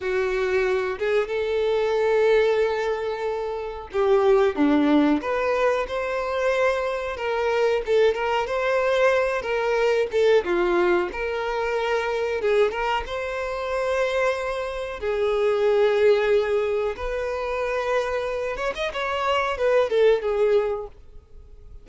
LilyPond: \new Staff \with { instrumentName = "violin" } { \time 4/4 \tempo 4 = 92 fis'4. gis'8 a'2~ | a'2 g'4 d'4 | b'4 c''2 ais'4 | a'8 ais'8 c''4. ais'4 a'8 |
f'4 ais'2 gis'8 ais'8 | c''2. gis'4~ | gis'2 b'2~ | b'8 cis''16 dis''16 cis''4 b'8 a'8 gis'4 | }